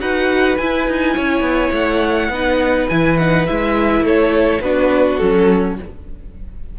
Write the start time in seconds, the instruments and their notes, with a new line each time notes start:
0.00 cello D#4, viola F#4, violin B4 F#5
0.57 cello E4, viola E4, violin G#5
0.88 cello D#4
1.16 cello C#4, violin C#5
1.42 cello B3
1.72 cello A3, violin F#5
2.29 cello B3, viola D#4, violin B4
2.89 cello E3, viola E4, violin G#5
3.18 viola D#4, violin F#5
3.47 cello G#3, viola E4, violin E5
4.01 cello A3, violin A4 C#5
4.61 cello B3, viola D4, violin F#4 B4
5.18 cello F#3, viola C#4, violin A4